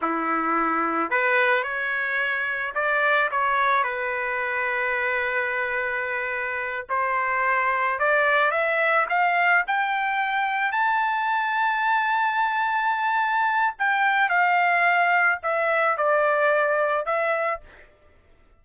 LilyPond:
\new Staff \with { instrumentName = "trumpet" } { \time 4/4 \tempo 4 = 109 e'2 b'4 cis''4~ | cis''4 d''4 cis''4 b'4~ | b'1~ | b'8 c''2 d''4 e''8~ |
e''8 f''4 g''2 a''8~ | a''1~ | a''4 g''4 f''2 | e''4 d''2 e''4 | }